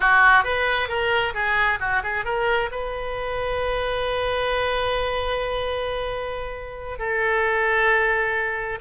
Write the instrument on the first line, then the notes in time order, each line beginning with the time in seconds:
oboe
0.00 F#4
0.44 B4
0.88 A#4
1.34 G#4
1.80 F#4
2.03 G#4
2.25 A#4
2.71 B4
6.98 A4